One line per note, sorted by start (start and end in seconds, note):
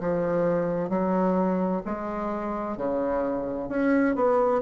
0.00 0.89 F3
0.89 1.81 F#3
1.85 2.77 G#3
2.77 3.69 C#3
3.69 4.15 C#4
4.15 4.61 B3